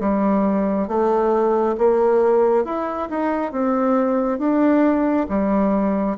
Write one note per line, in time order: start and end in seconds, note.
0.00 0.88 G3
0.88 1.76 A3
1.78 2.65 A#3
2.65 3.09 E4
3.10 3.52 D#4
3.52 4.39 C4
4.39 5.27 D4
5.29 6.18 G3